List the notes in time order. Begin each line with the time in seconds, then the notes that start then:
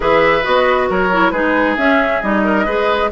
0.00 E3 G#4 B4 E5
0.42 B3 F#4 D#5
0.89 F#3 A#4 C#5
1.12 E4
1.30 G#3 D#4 G#4 B4
1.77 C#4 E5
2.21 G3 D#4 D#5
2.43 A#4
2.65 G#3 G#4 B4